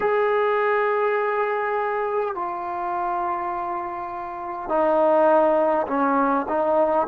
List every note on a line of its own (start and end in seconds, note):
0.00 2.34 G#4
2.34 4.68 F4
4.68 5.86 D#4
5.87 6.45 C#4
6.48 7.07 D#4